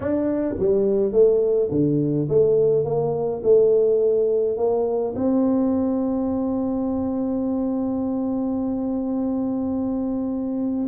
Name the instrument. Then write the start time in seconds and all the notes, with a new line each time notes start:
tuba
0.00 D4
0.59 G3
1.12 A3
1.71 D3
2.28 A3
2.84 A#3
3.43 A3
4.57 A#3
5.15 C4